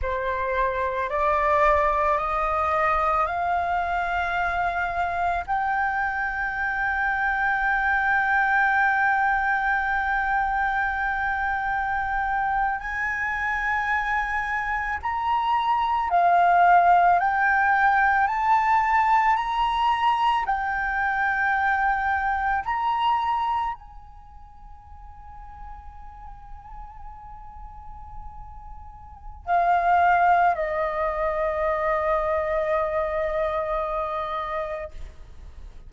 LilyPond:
\new Staff \with { instrumentName = "flute" } { \time 4/4 \tempo 4 = 55 c''4 d''4 dis''4 f''4~ | f''4 g''2.~ | g''2.~ g''8. gis''16~ | gis''4.~ gis''16 ais''4 f''4 g''16~ |
g''8. a''4 ais''4 g''4~ g''16~ | g''8. ais''4 gis''2~ gis''16~ | gis''2. f''4 | dis''1 | }